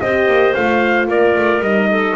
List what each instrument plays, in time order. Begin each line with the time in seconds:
0.00 double bass C4, horn G4, clarinet C5, trumpet D#5
0.27 double bass A#3
0.54 double bass A3, horn F4, trumpet F5
1.08 double bass A#3, clarinet A#4, trumpet D5
1.35 double bass A3
1.59 double bass G3, horn D#4, trumpet D#5
1.91 clarinet A4